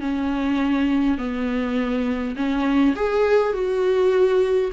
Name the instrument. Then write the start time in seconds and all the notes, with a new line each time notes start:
viola
0.00 C#4
1.18 B3
2.36 C#4
2.95 G#4
3.53 F#4